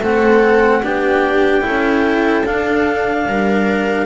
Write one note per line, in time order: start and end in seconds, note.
0.00 0.82 A3
0.00 0.83 C4
0.00 0.81 A4
0.00 0.84 F#5
0.83 1.64 B3
0.83 1.62 D4
0.83 1.66 G4
0.83 2.46 G5
1.62 2.45 C#4
1.62 2.43 E4
1.62 3.28 A4
2.45 3.26 D4
2.45 4.06 D4
2.45 4.06 F5
3.26 4.06 G3
3.26 4.06 A#4